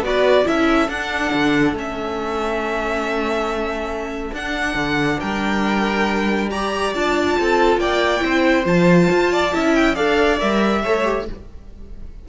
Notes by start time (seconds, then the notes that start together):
0.00 B3 F#4 B4 D5
0.45 C#4 E4 A4 E5
0.88 D4 F#5
1.33 D3
1.72 A3 C#4
1.78 E5
4.33 D4 F#5
4.75 D3
5.20 G3 A#4 G5
6.50 G4 D5 A#5
6.94 D4 F4 A5
7.39 C4 A4
7.78 A#3 D5 G5
8.20 C4 E4 C5
8.65 F3 F4 A5
9.10 F4
9.32 D5
9.53 C#4 E4 E5
9.75 G5
9.95 D4 A4 D5 F5
10.40 G3 A#4 E5
10.83 A3 A4 C#5
11.05 G4